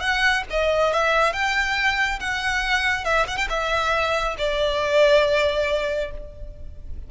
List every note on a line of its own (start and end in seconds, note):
0.00 0.43 F#5
0.50 0.93 D#5
0.93 1.33 E5
1.33 2.19 G5
2.20 3.04 F#5
3.04 3.26 E5
3.27 3.37 F#5
3.37 3.48 G5
3.49 4.36 E5
4.38 6.11 D5